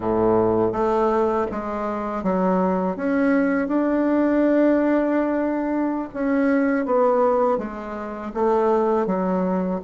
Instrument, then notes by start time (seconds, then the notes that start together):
bassoon
0.00 A2
0.72 A3
1.51 G#3
2.23 F#3
2.96 C#4
3.68 D4
6.13 C#4
6.85 B3
7.58 G#3
8.34 A3
9.06 F#3